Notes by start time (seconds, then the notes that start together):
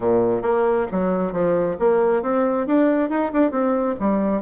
0.00 A#2
0.42 A#3
0.91 F#3
1.32 F3
1.79 A#3
2.22 C4
2.66 D4
3.09 D#4
3.32 D4
3.51 C4
3.99 G3